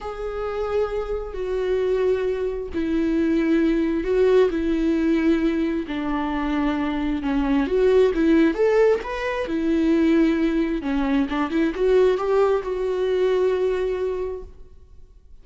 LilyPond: \new Staff \with { instrumentName = "viola" } { \time 4/4 \tempo 4 = 133 gis'2. fis'4~ | fis'2 e'2~ | e'4 fis'4 e'2~ | e'4 d'2. |
cis'4 fis'4 e'4 a'4 | b'4 e'2. | cis'4 d'8 e'8 fis'4 g'4 | fis'1 | }